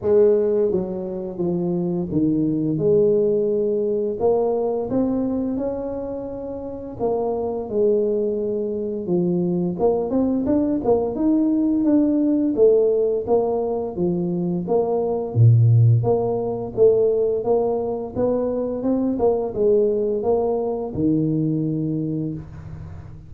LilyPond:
\new Staff \with { instrumentName = "tuba" } { \time 4/4 \tempo 4 = 86 gis4 fis4 f4 dis4 | gis2 ais4 c'4 | cis'2 ais4 gis4~ | gis4 f4 ais8 c'8 d'8 ais8 |
dis'4 d'4 a4 ais4 | f4 ais4 ais,4 ais4 | a4 ais4 b4 c'8 ais8 | gis4 ais4 dis2 | }